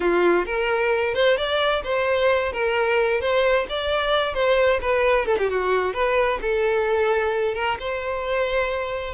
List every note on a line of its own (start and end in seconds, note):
0.00 0.45 F4
0.45 1.14 A#4
1.14 1.37 C5
1.37 1.82 D5
1.83 2.52 C5
2.52 3.20 A#4
3.20 3.66 C5
3.69 4.34 D5
4.34 4.80 C5
4.81 5.25 B4
5.25 5.37 A4
5.38 5.49 G4
5.49 5.93 F#4
5.93 6.39 B4
6.41 7.54 A4
7.54 7.77 A#4
7.79 9.14 C5